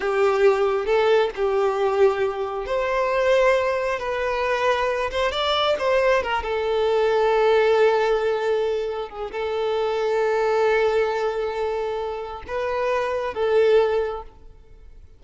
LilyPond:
\new Staff \with { instrumentName = "violin" } { \time 4/4 \tempo 4 = 135 g'2 a'4 g'4~ | g'2 c''2~ | c''4 b'2~ b'8 c''8 | d''4 c''4 ais'8 a'4.~ |
a'1~ | a'8 gis'8 a'2.~ | a'1 | b'2 a'2 | }